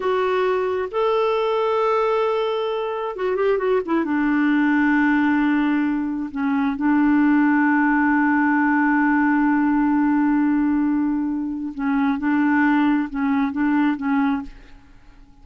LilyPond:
\new Staff \with { instrumentName = "clarinet" } { \time 4/4 \tempo 4 = 133 fis'2 a'2~ | a'2. fis'8 g'8 | fis'8 e'8 d'2.~ | d'2 cis'4 d'4~ |
d'1~ | d'1~ | d'2 cis'4 d'4~ | d'4 cis'4 d'4 cis'4 | }